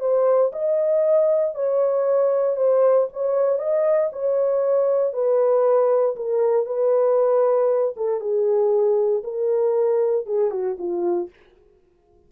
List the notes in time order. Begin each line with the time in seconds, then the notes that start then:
0.00 C5
0.52 D#5
1.55 C#5
2.57 C5
3.13 C#5
3.59 D#5
4.13 C#5
5.13 B4
6.16 A#4
6.66 B4
7.97 A4
8.21 G#4
9.24 A#4
10.26 G#4
10.51 F#4
10.78 F4